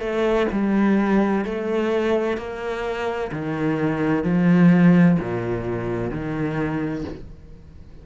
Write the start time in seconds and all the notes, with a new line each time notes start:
0.00 A3
0.52 G3
1.45 A3
2.37 A#3
3.32 D#3
4.24 F3
5.19 A#2
6.11 D#3